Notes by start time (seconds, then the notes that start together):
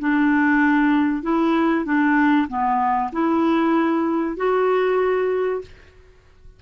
0.00 D4
1.23 E4
1.86 D4
2.49 B3
3.13 E4
4.37 F#4